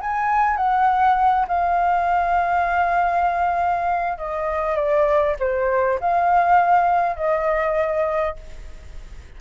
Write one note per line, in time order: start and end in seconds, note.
0.00 0.56 G#5
0.56 1.46 F#5
1.47 4.17 F5
4.18 4.75 D#5
4.75 5.35 D5
5.39 5.99 C5
6.00 7.16 F5
7.16 8.36 D#5